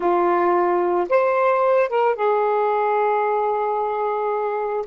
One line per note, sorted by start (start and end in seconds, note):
0.00 1.07 F4
1.09 1.89 C5
1.89 2.15 A#4
2.15 4.85 G#4